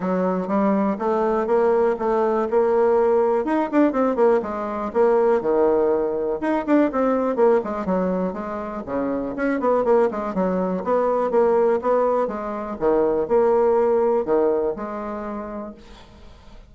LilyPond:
\new Staff \with { instrumentName = "bassoon" } { \time 4/4 \tempo 4 = 122 fis4 g4 a4 ais4 | a4 ais2 dis'8 d'8 | c'8 ais8 gis4 ais4 dis4~ | dis4 dis'8 d'8 c'4 ais8 gis8 |
fis4 gis4 cis4 cis'8 b8 | ais8 gis8 fis4 b4 ais4 | b4 gis4 dis4 ais4~ | ais4 dis4 gis2 | }